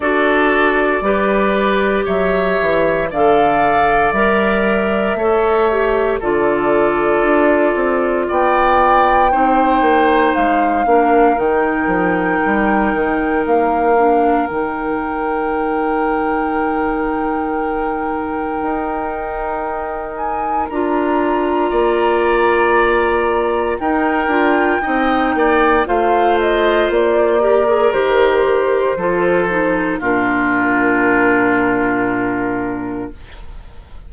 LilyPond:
<<
  \new Staff \with { instrumentName = "flute" } { \time 4/4 \tempo 4 = 58 d''2 e''4 f''4 | e''2 d''2 | g''2 f''4 g''4~ | g''4 f''4 g''2~ |
g''2.~ g''8 gis''8 | ais''2. g''4~ | g''4 f''8 dis''8 d''4 c''4~ | c''4 ais'2. | }
  \new Staff \with { instrumentName = "oboe" } { \time 4/4 a'4 b'4 cis''4 d''4~ | d''4 cis''4 a'2 | d''4 c''4. ais'4.~ | ais'1~ |
ais'1~ | ais'4 d''2 ais'4 | dis''8 d''8 c''4. ais'4. | a'4 f'2. | }
  \new Staff \with { instrumentName = "clarinet" } { \time 4/4 fis'4 g'2 a'4 | ais'4 a'8 g'8 f'2~ | f'4 dis'4. d'8 dis'4~ | dis'4. d'8 dis'2~ |
dis'1 | f'2. dis'8 f'8 | dis'4 f'4. g'16 gis'16 g'4 | f'8 dis'8 d'2. | }
  \new Staff \with { instrumentName = "bassoon" } { \time 4/4 d'4 g4 fis8 e8 d4 | g4 a4 d4 d'8 c'8 | b4 c'8 ais8 gis8 ais8 dis8 f8 | g8 dis8 ais4 dis2~ |
dis2 dis'2 | d'4 ais2 dis'8 d'8 | c'8 ais8 a4 ais4 dis4 | f4 ais,2. | }
>>